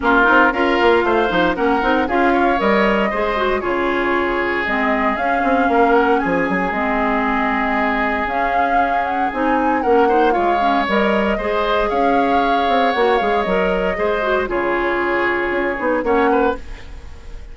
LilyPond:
<<
  \new Staff \with { instrumentName = "flute" } { \time 4/4 \tempo 4 = 116 ais'4 f''2 fis''4 | f''4 dis''2 cis''4~ | cis''4 dis''4 f''4. fis''8 | gis''4 dis''2. |
f''4. fis''8 gis''4 fis''4 | f''4 dis''2 f''4~ | f''4 fis''8 f''8 dis''2 | cis''2. fis''4 | }
  \new Staff \with { instrumentName = "oboe" } { \time 4/4 f'4 ais'4 c''4 ais'4 | gis'8 cis''4. c''4 gis'4~ | gis'2. ais'4 | gis'1~ |
gis'2. ais'8 c''8 | cis''2 c''4 cis''4~ | cis''2. c''4 | gis'2. cis''8 b'8 | }
  \new Staff \with { instrumentName = "clarinet" } { \time 4/4 cis'8 dis'8 f'4. dis'8 cis'8 dis'8 | f'4 ais'4 gis'8 fis'8 f'4~ | f'4 c'4 cis'2~ | cis'4 c'2. |
cis'2 dis'4 cis'8 dis'8 | f'8 cis'8 ais'4 gis'2~ | gis'4 fis'8 gis'8 ais'4 gis'8 fis'8 | f'2~ f'8 dis'8 cis'4 | }
  \new Staff \with { instrumentName = "bassoon" } { \time 4/4 ais8 c'8 cis'8 ais8 a8 f8 ais8 c'8 | cis'4 g4 gis4 cis4~ | cis4 gis4 cis'8 c'8 ais4 | f8 fis8 gis2. |
cis'2 c'4 ais4 | gis4 g4 gis4 cis'4~ | cis'8 c'8 ais8 gis8 fis4 gis4 | cis2 cis'8 b8 ais4 | }
>>